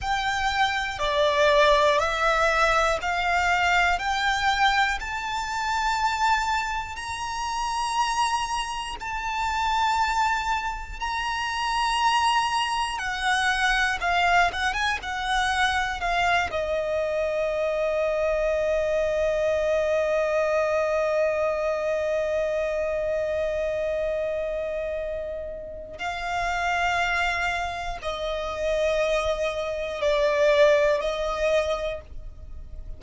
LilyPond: \new Staff \with { instrumentName = "violin" } { \time 4/4 \tempo 4 = 60 g''4 d''4 e''4 f''4 | g''4 a''2 ais''4~ | ais''4 a''2 ais''4~ | ais''4 fis''4 f''8 fis''16 gis''16 fis''4 |
f''8 dis''2.~ dis''8~ | dis''1~ | dis''2 f''2 | dis''2 d''4 dis''4 | }